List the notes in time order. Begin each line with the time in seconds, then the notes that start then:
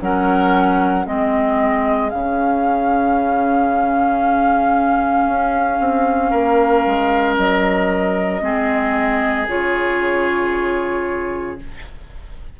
0.00 F#3 C#4 A#4 F#5
1.05 G#3 C4 G#4 D#5
2.09 C#3 C#4 F5
5.26 C#4
5.79 C4
6.30 A#3 A#4
6.85 G#3
7.37 F#3 D#5
8.41 G#3 C4 G#4
9.47 C#3 F4 C#5